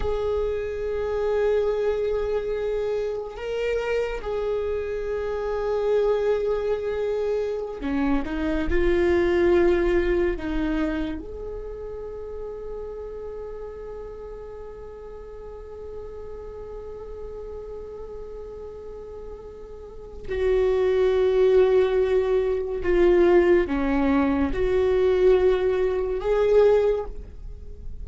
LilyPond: \new Staff \with { instrumentName = "viola" } { \time 4/4 \tempo 4 = 71 gis'1 | ais'4 gis'2.~ | gis'4~ gis'16 cis'8 dis'8 f'4.~ f'16~ | f'16 dis'4 gis'2~ gis'8.~ |
gis'1~ | gis'1 | fis'2. f'4 | cis'4 fis'2 gis'4 | }